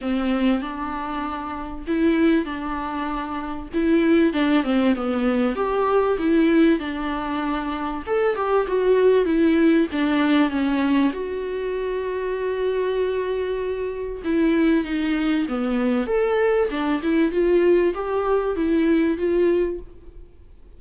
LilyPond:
\new Staff \with { instrumentName = "viola" } { \time 4/4 \tempo 4 = 97 c'4 d'2 e'4 | d'2 e'4 d'8 c'8 | b4 g'4 e'4 d'4~ | d'4 a'8 g'8 fis'4 e'4 |
d'4 cis'4 fis'2~ | fis'2. e'4 | dis'4 b4 a'4 d'8 e'8 | f'4 g'4 e'4 f'4 | }